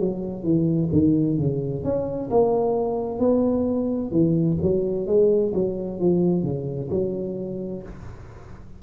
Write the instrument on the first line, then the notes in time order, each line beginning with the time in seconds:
tuba
0.00 F#3
0.44 E3
0.93 D#3
1.38 C#3
1.84 C#4
2.31 A#3
3.20 B3
4.12 E3
4.62 F#3
5.07 G#3
5.55 F#3
6.00 F3
6.44 C#3
6.91 F#3